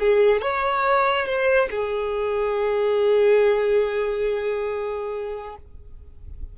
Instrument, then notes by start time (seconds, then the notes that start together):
violin
0.00 G#4
0.42 C#5
1.26 C5
1.71 G#4